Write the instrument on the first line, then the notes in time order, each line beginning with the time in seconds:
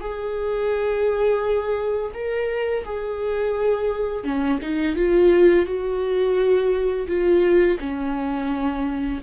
viola
0.00 G#4
2.14 A#4
2.85 G#4
4.24 C#4
4.62 D#4
4.96 F4
5.66 F#4
7.08 F4
7.80 C#4